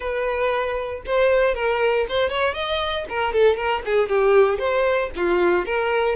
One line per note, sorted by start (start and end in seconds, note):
0.00 1.02 B4
1.06 1.55 C5
1.55 2.06 A#4
2.09 2.29 C5
2.29 2.54 C#5
2.54 3.05 D#5
3.09 3.33 A#4
3.33 3.56 A4
3.56 3.82 A#4
3.85 4.08 G#4
4.08 4.59 G4
4.59 5.10 C5
5.15 5.65 F4
5.65 6.15 A#4